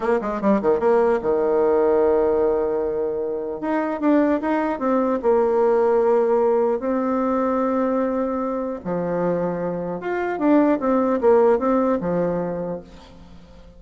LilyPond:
\new Staff \with { instrumentName = "bassoon" } { \time 4/4 \tempo 4 = 150 ais8 gis8 g8 dis8 ais4 dis4~ | dis1~ | dis4 dis'4 d'4 dis'4 | c'4 ais2.~ |
ais4 c'2.~ | c'2 f2~ | f4 f'4 d'4 c'4 | ais4 c'4 f2 | }